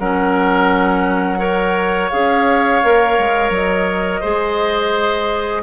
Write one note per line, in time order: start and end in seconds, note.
0.00 2.12 F#3
0.00 1.39 C#4
0.00 1.39 A#4
0.00 2.10 F#5
1.39 2.10 A#4
1.39 4.21 C#5
2.10 2.84 C#4
2.10 2.83 G#4
2.10 3.51 F5
2.84 3.19 A#3
2.84 4.23 A#4
3.19 3.50 G#3
3.50 4.21 F#3
3.50 5.63 D#5
4.21 5.63 G#3
4.21 5.63 G#4
4.21 5.62 C5